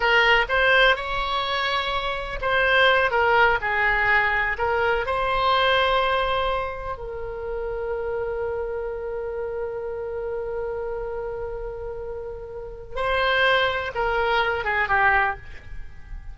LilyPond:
\new Staff \with { instrumentName = "oboe" } { \time 4/4 \tempo 4 = 125 ais'4 c''4 cis''2~ | cis''4 c''4. ais'4 gis'8~ | gis'4. ais'4 c''4.~ | c''2~ c''8 ais'4.~ |
ais'1~ | ais'1~ | ais'2. c''4~ | c''4 ais'4. gis'8 g'4 | }